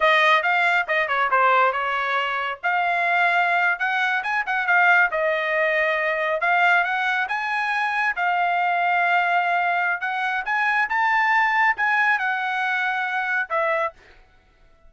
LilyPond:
\new Staff \with { instrumentName = "trumpet" } { \time 4/4 \tempo 4 = 138 dis''4 f''4 dis''8 cis''8 c''4 | cis''2 f''2~ | f''8. fis''4 gis''8 fis''8 f''4 dis''16~ | dis''2~ dis''8. f''4 fis''16~ |
fis''8. gis''2 f''4~ f''16~ | f''2. fis''4 | gis''4 a''2 gis''4 | fis''2. e''4 | }